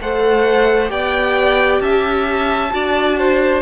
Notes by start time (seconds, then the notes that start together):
0.00 A3 A4 C5 F#5
0.87 B3 G4 D5 G5
1.80 C#4 E5 A5
2.70 D4 F#4 D5
3.18 C5